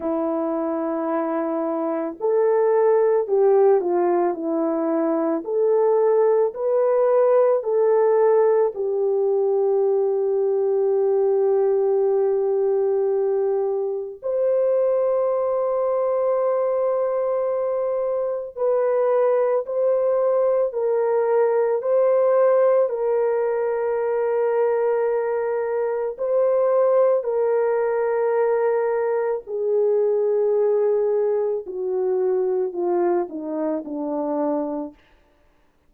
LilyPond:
\new Staff \with { instrumentName = "horn" } { \time 4/4 \tempo 4 = 55 e'2 a'4 g'8 f'8 | e'4 a'4 b'4 a'4 | g'1~ | g'4 c''2.~ |
c''4 b'4 c''4 ais'4 | c''4 ais'2. | c''4 ais'2 gis'4~ | gis'4 fis'4 f'8 dis'8 d'4 | }